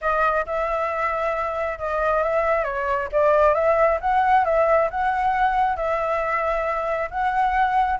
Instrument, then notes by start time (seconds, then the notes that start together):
flute
0.01 D#5
0.46 E5
1.79 D#5
2.23 E5
2.64 C#5
3.12 D5
3.54 E5
4.00 F#5
4.44 E5
4.90 F#5
5.76 E5
7.10 F#5